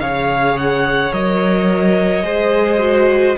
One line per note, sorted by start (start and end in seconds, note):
0.00 1.12 C#3
0.00 1.12 G#4
0.00 2.25 C#5
0.00 0.57 F5
0.57 1.12 F#5
1.12 2.22 F#3
1.12 2.23 A#4
1.12 3.38 D#5
2.22 3.35 G#3
2.22 2.79 G#4
2.22 3.38 C5
2.79 3.35 F#4